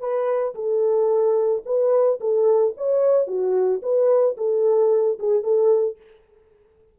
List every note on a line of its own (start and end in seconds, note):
0.00 0.54 B4
0.55 1.63 A4
1.66 2.20 B4
2.20 2.74 A4
2.77 3.27 C#5
3.27 3.81 F#4
3.82 4.36 B4
4.37 5.18 A4
5.19 5.43 G#4
5.43 5.97 A4